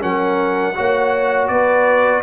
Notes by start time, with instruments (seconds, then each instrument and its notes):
0.00 tuba F#3, trombone C#4, horn A#4, trumpet F#5
0.75 tuba A#3, trombone F#4, horn C#5
1.48 tuba B3, horn B4, trumpet D5